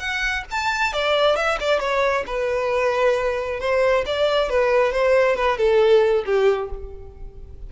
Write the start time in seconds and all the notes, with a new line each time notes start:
0.00 F#5
0.51 A5
0.93 D5
1.36 E5
1.61 D5
1.80 C#5
2.27 B4
3.60 C5
4.06 D5
4.50 B4
4.93 C5
5.37 B4
5.58 A4
6.26 G4